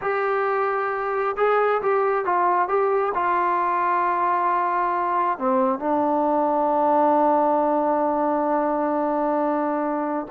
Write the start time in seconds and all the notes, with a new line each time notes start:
0.01 G4
1.36 G#4
1.82 G4
2.25 F4
2.68 G4
3.14 F4
5.38 C4
5.79 D4